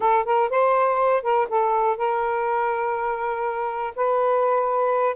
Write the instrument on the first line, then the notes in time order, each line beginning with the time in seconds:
saxophone
0.00 A4
0.25 A#4
0.49 C5
1.23 A#4
1.49 A4
1.97 A#4
3.95 B4